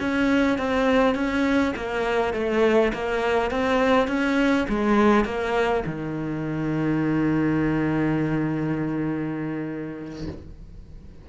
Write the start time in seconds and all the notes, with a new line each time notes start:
0.00 C#4
0.58 C4
1.15 C#4
1.76 A#3
2.34 A3
2.93 A#3
3.51 C4
4.08 C#4
4.69 G#3
5.25 A#3
5.86 D#3